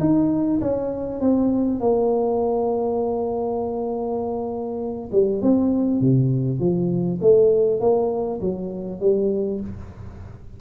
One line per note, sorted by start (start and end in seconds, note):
0.00 0.60 D#4
0.61 1.21 C#4
1.21 1.80 C4
1.80 5.10 A#3
5.12 5.42 G3
5.42 6.01 C4
6.01 6.60 C3
6.60 7.20 F3
7.21 7.81 A3
7.81 8.41 A#3
8.41 9.01 F#3
9.01 9.61 G3